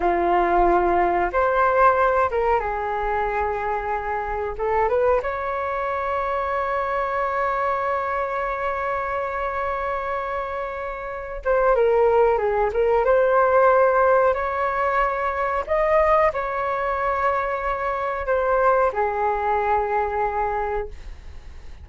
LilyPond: \new Staff \with { instrumentName = "flute" } { \time 4/4 \tempo 4 = 92 f'2 c''4. ais'8 | gis'2. a'8 b'8 | cis''1~ | cis''1~ |
cis''4. c''8 ais'4 gis'8 ais'8 | c''2 cis''2 | dis''4 cis''2. | c''4 gis'2. | }